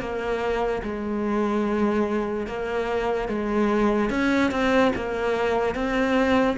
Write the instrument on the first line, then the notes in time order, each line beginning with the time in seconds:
cello
0.00 A#3
0.83 G#3
2.47 A#3
3.29 G#3
4.10 C#4
4.51 C4
4.96 A#3
5.75 C4